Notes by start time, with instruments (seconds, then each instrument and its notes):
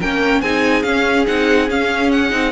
0.00 cello A#3, viola C#4, violin A#4 G5
0.42 cello C4, viola D#4, violin G#4 G#5
0.83 viola C#4, cello C#4, violin F5
1.27 cello C4, viola D#4, violin F#5
1.68 viola C#4, cello C#4, violin F5
2.12 violin F#5
2.31 cello C4, viola D#4